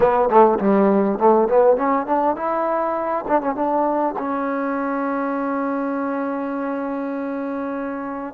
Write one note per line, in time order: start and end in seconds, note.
0.00 0.29 B3
0.29 0.59 A3
0.59 1.18 G3
1.19 1.48 A3
1.48 1.76 B3
1.76 2.06 C#4
2.06 2.35 D4
2.36 3.25 E4
3.28 3.41 D4
3.41 3.55 C#4
3.55 4.14 D4
4.18 8.34 C#4